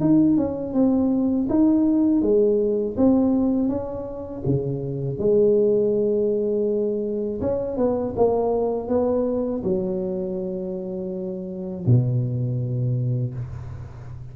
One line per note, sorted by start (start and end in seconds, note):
0.00 0.36 D#4
0.36 0.73 C#4
0.73 1.47 C4
1.49 2.22 D#4
2.22 2.96 G#3
2.97 3.68 C4
3.68 4.42 C#4
4.45 5.18 C#3
5.18 7.40 G#3
7.40 7.76 C#4
7.76 8.13 B3
8.15 8.88 A#3
8.88 9.62 B3
9.63 11.85 F#3
11.86 13.34 B2